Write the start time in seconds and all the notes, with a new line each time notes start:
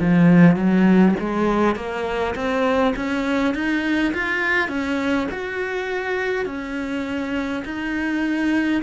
0.00 F3
0.56 F#3
1.20 G#3
1.76 A#3
2.35 C4
2.96 C#4
3.55 D#4
4.14 F4
4.68 C#4
5.32 F#4
6.46 C#4
7.65 D#4